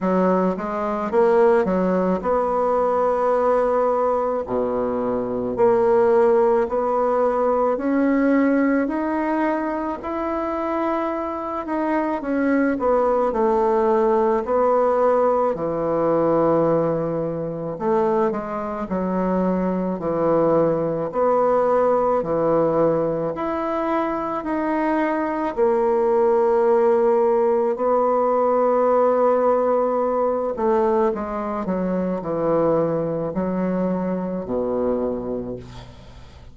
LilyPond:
\new Staff \with { instrumentName = "bassoon" } { \time 4/4 \tempo 4 = 54 fis8 gis8 ais8 fis8 b2 | b,4 ais4 b4 cis'4 | dis'4 e'4. dis'8 cis'8 b8 | a4 b4 e2 |
a8 gis8 fis4 e4 b4 | e4 e'4 dis'4 ais4~ | ais4 b2~ b8 a8 | gis8 fis8 e4 fis4 b,4 | }